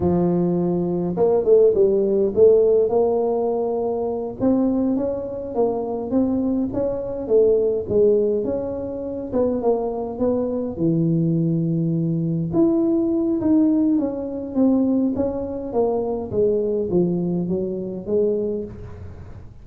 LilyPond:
\new Staff \with { instrumentName = "tuba" } { \time 4/4 \tempo 4 = 103 f2 ais8 a8 g4 | a4 ais2~ ais8 c'8~ | c'8 cis'4 ais4 c'4 cis'8~ | cis'8 a4 gis4 cis'4. |
b8 ais4 b4 e4.~ | e4. e'4. dis'4 | cis'4 c'4 cis'4 ais4 | gis4 f4 fis4 gis4 | }